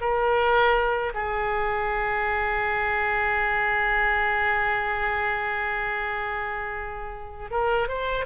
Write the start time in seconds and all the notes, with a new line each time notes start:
0.00 A#4
1.14 G#4
7.50 A#4
7.88 C5